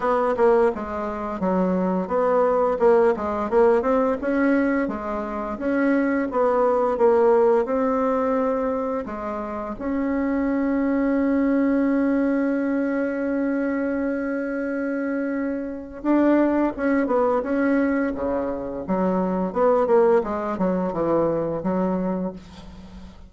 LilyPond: \new Staff \with { instrumentName = "bassoon" } { \time 4/4 \tempo 4 = 86 b8 ais8 gis4 fis4 b4 | ais8 gis8 ais8 c'8 cis'4 gis4 | cis'4 b4 ais4 c'4~ | c'4 gis4 cis'2~ |
cis'1~ | cis'2. d'4 | cis'8 b8 cis'4 cis4 fis4 | b8 ais8 gis8 fis8 e4 fis4 | }